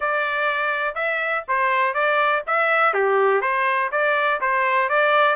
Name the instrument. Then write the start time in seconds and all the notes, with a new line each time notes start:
trumpet
0.00 D5
0.94 E5
1.48 C5
1.94 D5
2.46 E5
2.93 G4
3.41 C5
3.91 D5
4.40 C5
4.89 D5